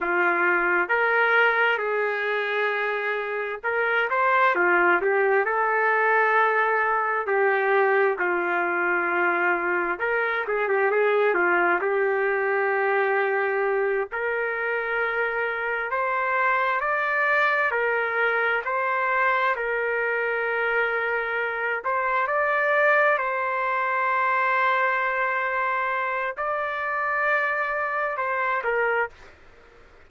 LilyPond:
\new Staff \with { instrumentName = "trumpet" } { \time 4/4 \tempo 4 = 66 f'4 ais'4 gis'2 | ais'8 c''8 f'8 g'8 a'2 | g'4 f'2 ais'8 gis'16 g'16 | gis'8 f'8 g'2~ g'8 ais'8~ |
ais'4. c''4 d''4 ais'8~ | ais'8 c''4 ais'2~ ais'8 | c''8 d''4 c''2~ c''8~ | c''4 d''2 c''8 ais'8 | }